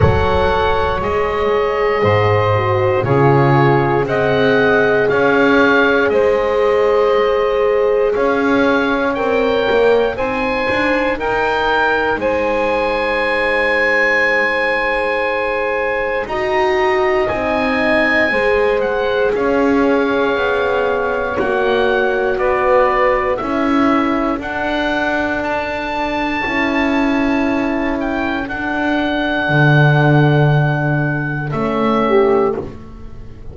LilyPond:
<<
  \new Staff \with { instrumentName = "oboe" } { \time 4/4 \tempo 4 = 59 fis''4 dis''2 cis''4 | fis''4 f''4 dis''2 | f''4 g''4 gis''4 g''4 | gis''1 |
ais''4 gis''4. fis''8 f''4~ | f''4 fis''4 d''4 e''4 | fis''4 a''2~ a''8 g''8 | fis''2. e''4 | }
  \new Staff \with { instrumentName = "saxophone" } { \time 4/4 cis''2 c''4 gis'4 | dis''4 cis''4 c''2 | cis''2 c''4 ais'4 | c''1 |
dis''2 c''4 cis''4~ | cis''2 b'4 a'4~ | a'1~ | a'2.~ a'8 g'8 | }
  \new Staff \with { instrumentName = "horn" } { \time 4/4 a'4 gis'4. fis'8 f'4 | gis'1~ | gis'4 ais'4 dis'2~ | dis'1 |
fis'4 dis'4 gis'2~ | gis'4 fis'2 e'4 | d'2 e'2 | d'2. cis'4 | }
  \new Staff \with { instrumentName = "double bass" } { \time 4/4 fis4 gis4 gis,4 cis4 | c'4 cis'4 gis2 | cis'4 c'8 ais8 c'8 d'8 dis'4 | gis1 |
dis'4 c'4 gis4 cis'4 | b4 ais4 b4 cis'4 | d'2 cis'2 | d'4 d2 a4 | }
>>